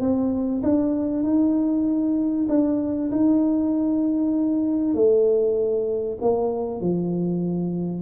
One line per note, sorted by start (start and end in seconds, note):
0.00 0.62 C4
0.63 1.23 D4
1.23 2.47 D#4
2.49 3.11 D4
3.11 4.94 D#4
4.94 6.18 A3
6.21 6.81 A#3
6.81 8.02 F3